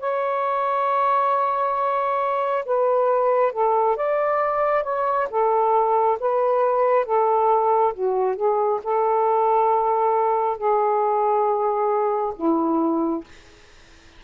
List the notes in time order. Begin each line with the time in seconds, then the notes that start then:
0.00 C#5
2.66 B4
3.53 A4
3.96 D5
4.84 C#5
5.30 A4
6.20 B4
7.05 A4
7.94 F#4
8.36 G#4
8.84 A4
10.58 G#4
12.36 E4